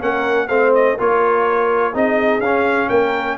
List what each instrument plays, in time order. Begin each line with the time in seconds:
0.00 tuba A#3, trombone C#4, horn A#4, trumpet F#5
0.48 tuba A3, trombone C4, horn C5, trumpet F5
0.75 trumpet D#5
0.96 tuba A#3, trombone F4, horn A#4, trumpet C#5
1.93 tuba C4, trombone D#4, horn G#4, trumpet D#5
2.39 tuba C#4, trombone C#4, trumpet F5
2.89 tuba A#3, horn A#4, trumpet G5